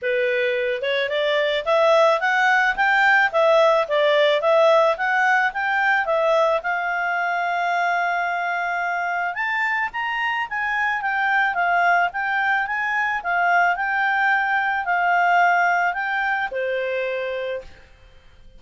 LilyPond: \new Staff \with { instrumentName = "clarinet" } { \time 4/4 \tempo 4 = 109 b'4. cis''8 d''4 e''4 | fis''4 g''4 e''4 d''4 | e''4 fis''4 g''4 e''4 | f''1~ |
f''4 a''4 ais''4 gis''4 | g''4 f''4 g''4 gis''4 | f''4 g''2 f''4~ | f''4 g''4 c''2 | }